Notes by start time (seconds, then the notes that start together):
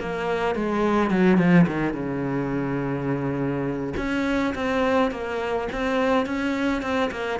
0.00 A#3
0.55 G#3
1.10 F#3
1.37 F3
1.66 D#3
1.94 C#3
3.97 C#4
4.55 C4
5.11 A#3
5.72 C4
6.26 C#4
6.82 C4
7.11 A#3